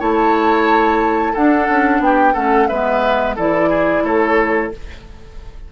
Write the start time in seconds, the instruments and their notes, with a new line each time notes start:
0.00 bassoon A3, clarinet E4, oboe C#5, flute A5
1.33 clarinet D4, bassoon D4, oboe A4, flute F#5
1.69 bassoon C#4
2.00 bassoon B3, oboe G4, flute G5
2.34 bassoon A3, clarinet C#4, oboe A4, flute F#5
2.68 bassoon G#3, clarinet B3, oboe B4, flute E5
3.36 bassoon E3, clarinet E4, oboe A4, flute D5
3.70 oboe G#4
4.04 bassoon A3, oboe A4, flute C#5